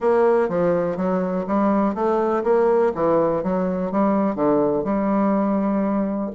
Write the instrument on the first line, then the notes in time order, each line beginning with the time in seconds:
bassoon
0.00 A#3
0.48 F3
0.96 F#3
1.47 G3
1.94 A3
2.43 A#3
2.94 E3
3.43 F#3
3.91 G3
4.35 D3
4.84 G3